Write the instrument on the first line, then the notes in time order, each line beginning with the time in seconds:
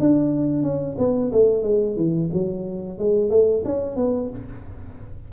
tuba
0.00 D4
0.63 C#4
0.98 B3
1.32 A3
1.63 G#3
1.97 E3
2.33 F#3
2.98 G#3
3.30 A3
3.65 C#4
3.96 B3